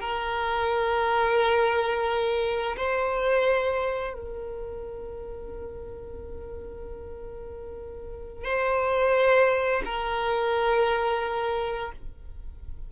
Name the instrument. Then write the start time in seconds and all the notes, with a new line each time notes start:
violin
0.00 A#4
2.76 C5
4.13 A#4
8.44 C5
9.85 A#4